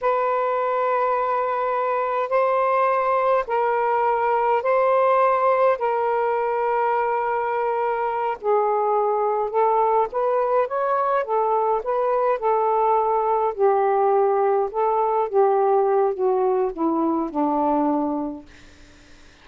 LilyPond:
\new Staff \with { instrumentName = "saxophone" } { \time 4/4 \tempo 4 = 104 b'1 | c''2 ais'2 | c''2 ais'2~ | ais'2~ ais'8 gis'4.~ |
gis'8 a'4 b'4 cis''4 a'8~ | a'8 b'4 a'2 g'8~ | g'4. a'4 g'4. | fis'4 e'4 d'2 | }